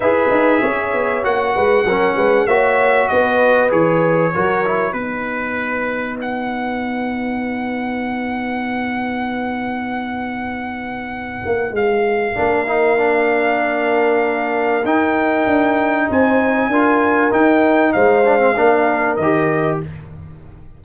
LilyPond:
<<
  \new Staff \with { instrumentName = "trumpet" } { \time 4/4 \tempo 4 = 97 e''2 fis''2 | e''4 dis''4 cis''2 | b'2 fis''2~ | fis''1~ |
fis''2. f''4~ | f''1 | g''2 gis''2 | g''4 f''2 dis''4 | }
  \new Staff \with { instrumentName = "horn" } { \time 4/4 b'4 cis''4. b'8 ais'8 b'8 | cis''4 b'2 ais'4 | b'1~ | b'1~ |
b'1 | ais'1~ | ais'2 c''4 ais'4~ | ais'4 c''4 ais'2 | }
  \new Staff \with { instrumentName = "trombone" } { \time 4/4 gis'2 fis'4 cis'4 | fis'2 gis'4 fis'8 e'8 | dis'1~ | dis'1~ |
dis'1 | d'8 dis'8 d'2. | dis'2. f'4 | dis'4. d'16 c'16 d'4 g'4 | }
  \new Staff \with { instrumentName = "tuba" } { \time 4/4 e'8 dis'8 cis'8 b8 ais8 gis8 fis8 gis8 | ais4 b4 e4 fis4 | b1~ | b1~ |
b2~ b8 ais8 gis4 | ais1 | dis'4 d'4 c'4 d'4 | dis'4 gis4 ais4 dis4 | }
>>